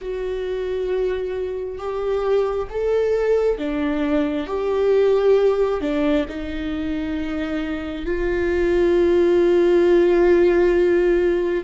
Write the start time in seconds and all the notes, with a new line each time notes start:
0.01 F#4
1.78 G4
2.69 A4
3.58 D4
4.46 G4
5.80 D4
6.28 D#4
8.05 F4